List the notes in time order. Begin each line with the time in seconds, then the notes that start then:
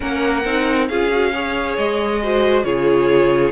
0.00 A#3 C#4 A#4 F#5
0.44 C4 D#4
0.88 C#4 F4 G#4 F5
1.10 F#4
1.32 G#4 C#5
1.76 G#3 D#5
2.22 F#4 C5
2.64 C#3 F4 G#4 C#5